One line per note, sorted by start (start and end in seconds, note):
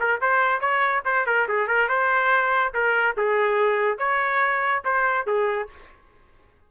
0.00 0.21 A#4
0.21 0.61 C5
0.61 1.03 C#5
1.05 1.26 C5
1.27 1.48 A#4
1.48 1.68 G#4
1.68 1.89 A#4
1.89 2.73 C5
2.74 3.16 A#4
3.17 3.99 G#4
3.99 4.83 C#5
4.85 5.27 C5
5.27 5.69 G#4